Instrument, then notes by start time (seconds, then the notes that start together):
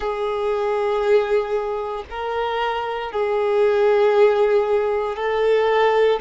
violin
0.00 G#4
2.09 A#4
3.12 G#4
5.16 A4